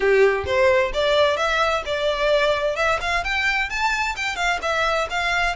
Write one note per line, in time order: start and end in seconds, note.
0.00 0.44 G4
0.46 0.92 C5
0.93 1.36 D5
1.36 1.83 E5
1.85 2.76 D5
2.76 2.99 E5
3.00 3.23 F5
3.23 3.69 G5
3.69 4.15 A5
4.16 4.36 G5
4.36 4.59 F5
4.62 5.08 E5
5.10 5.56 F5